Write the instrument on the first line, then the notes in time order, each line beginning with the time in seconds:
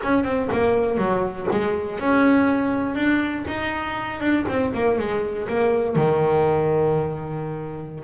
double bass
0.03 C#4
0.24 C4
0.52 A#3
0.97 F#3
1.51 G#3
1.99 C#4
2.95 D4
3.47 D#4
4.20 D4
4.48 C4
4.74 A#3
4.98 G#3
5.48 A#3
5.95 D#3